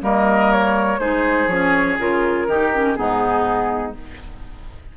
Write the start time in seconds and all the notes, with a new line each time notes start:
0.00 G3 A#3 A#4 D#5
0.51 C#5
0.98 G#3 D#4 G#4 C5
1.47 F3 C#4 C#5
1.99 C#3 F4 A#4
2.47 D#3 D#4 G4
2.73 C#4
2.94 G#2 B3 D#4 G#4